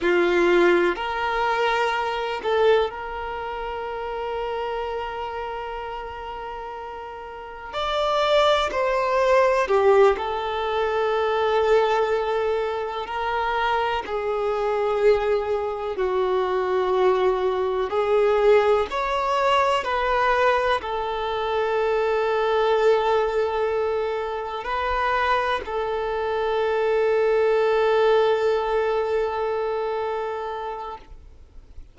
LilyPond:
\new Staff \with { instrumentName = "violin" } { \time 4/4 \tempo 4 = 62 f'4 ais'4. a'8 ais'4~ | ais'1 | d''4 c''4 g'8 a'4.~ | a'4. ais'4 gis'4.~ |
gis'8 fis'2 gis'4 cis''8~ | cis''8 b'4 a'2~ a'8~ | a'4. b'4 a'4.~ | a'1 | }